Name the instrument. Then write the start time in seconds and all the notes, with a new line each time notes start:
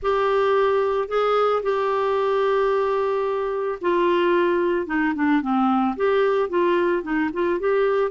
clarinet
0.02 G4
1.08 G#4
1.62 G4
3.81 F4
4.86 D#4
5.14 D4
5.41 C4
5.96 G4
6.49 F4
7.02 D#4
7.33 F4
7.59 G4